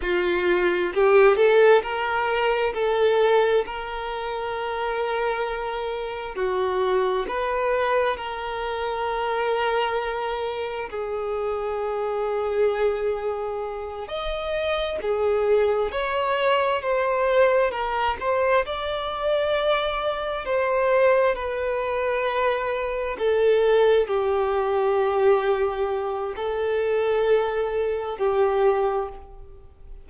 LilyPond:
\new Staff \with { instrumentName = "violin" } { \time 4/4 \tempo 4 = 66 f'4 g'8 a'8 ais'4 a'4 | ais'2. fis'4 | b'4 ais'2. | gis'2.~ gis'8 dis''8~ |
dis''8 gis'4 cis''4 c''4 ais'8 | c''8 d''2 c''4 b'8~ | b'4. a'4 g'4.~ | g'4 a'2 g'4 | }